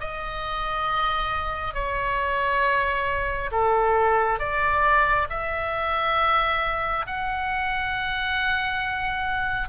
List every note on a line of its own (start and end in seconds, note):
0.00 1.74 D#5
1.74 3.50 C#5
3.51 4.39 A4
4.39 5.27 D5
5.29 7.05 E5
7.06 9.68 F#5